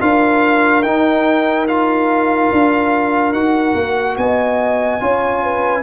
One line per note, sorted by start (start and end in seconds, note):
0.00 0.83 D4
0.00 0.83 F4
0.00 4.18 A#4
0.00 0.83 F5
0.83 2.50 D#4
0.83 1.67 D#4
0.83 1.66 G5
1.67 3.34 F4
1.67 3.33 F5
2.52 3.32 D4
3.32 3.74 D#4
3.32 5.00 F#4
3.32 4.16 F#5
3.74 4.16 A#3
4.17 5.00 B3
4.17 5.03 D#5
4.17 5.83 G#5
5.00 5.83 C#4
5.00 5.83 F4
5.00 5.43 C#5
5.43 5.83 B4